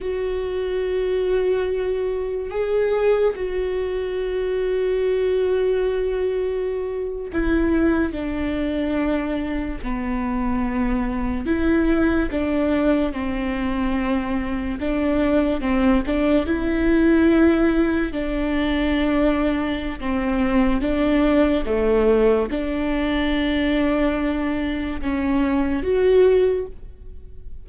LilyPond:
\new Staff \with { instrumentName = "viola" } { \time 4/4 \tempo 4 = 72 fis'2. gis'4 | fis'1~ | fis'8. e'4 d'2 b16~ | b4.~ b16 e'4 d'4 c'16~ |
c'4.~ c'16 d'4 c'8 d'8 e'16~ | e'4.~ e'16 d'2~ d'16 | c'4 d'4 a4 d'4~ | d'2 cis'4 fis'4 | }